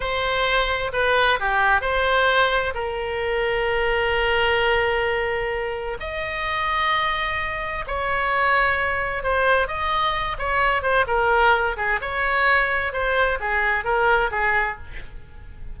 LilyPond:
\new Staff \with { instrumentName = "oboe" } { \time 4/4 \tempo 4 = 130 c''2 b'4 g'4 | c''2 ais'2~ | ais'1~ | ais'4 dis''2.~ |
dis''4 cis''2. | c''4 dis''4. cis''4 c''8 | ais'4. gis'8 cis''2 | c''4 gis'4 ais'4 gis'4 | }